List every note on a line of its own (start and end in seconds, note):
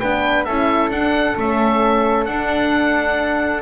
0.00 0.48 B3
0.00 0.48 D4
0.00 0.46 B4
0.00 0.45 G5
0.45 0.90 C#4
0.45 0.94 E4
0.45 3.63 A4
0.45 0.91 E5
0.90 1.36 D4
0.90 1.37 D4
0.90 1.38 F#5
1.37 2.28 A3
1.37 2.29 C#4
1.37 2.26 E5
2.26 3.63 D4
2.26 3.63 F#5